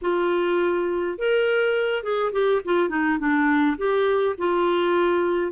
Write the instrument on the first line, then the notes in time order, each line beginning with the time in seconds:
clarinet
0.01 F4
1.18 A#4
2.03 G#4
2.32 G4
2.65 F4
2.89 D#4
3.18 D4
3.77 G4
4.37 F4